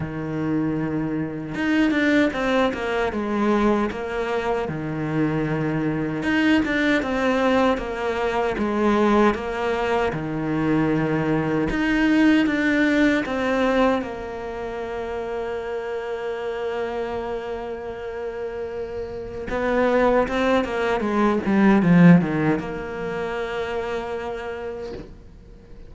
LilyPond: \new Staff \with { instrumentName = "cello" } { \time 4/4 \tempo 4 = 77 dis2 dis'8 d'8 c'8 ais8 | gis4 ais4 dis2 | dis'8 d'8 c'4 ais4 gis4 | ais4 dis2 dis'4 |
d'4 c'4 ais2~ | ais1~ | ais4 b4 c'8 ais8 gis8 g8 | f8 dis8 ais2. | }